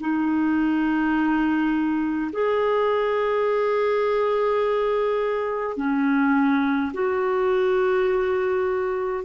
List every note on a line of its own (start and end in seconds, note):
0.00 2.31 D#4
2.32 5.76 G#4
5.76 6.92 C#4
6.93 9.24 F#4